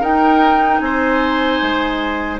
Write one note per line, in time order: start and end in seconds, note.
0.00 0.79 D#4
0.00 2.38 D#4
0.00 0.79 A#4
0.00 0.79 G5
0.79 1.59 C4
0.79 2.40 C5
0.79 2.37 G#5
1.61 2.40 G#3